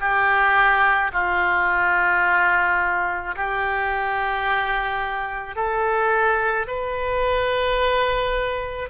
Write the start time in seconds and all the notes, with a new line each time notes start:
0.00 G4
1.13 F4
3.36 G4
5.56 A4
6.67 B4